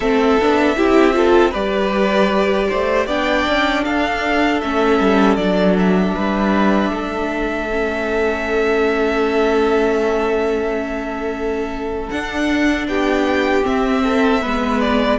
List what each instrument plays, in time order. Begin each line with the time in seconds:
0.00 cello A3, viola C4, violin A4 E5
0.39 cello B3, viola D4
0.76 cello C4, viola E4, violin G4
1.12 viola F4, violin A4
1.50 cello G3, viola G4, violin B4 D5
2.68 cello A3, violin C5
3.06 cello B3, viola D4, violin D5 G5
3.47 cello C#4
3.84 cello D4, violin A4 F5
4.61 cello A3, viola C#4, violin E5
5.00 cello G3
5.36 cello F#3, viola D4, violin D5
5.78 violin E5
6.14 cello G3, violin B4
6.90 cello A3, violin A4
7.70 viola C#4
12.10 viola D4, cello D4, violin F#5
12.87 cello B3, violin G4 G5
13.62 viola C4, cello C4, violin E5
14.03 violin A4
14.41 cello G#3, viola B3, violin B4
14.80 violin D5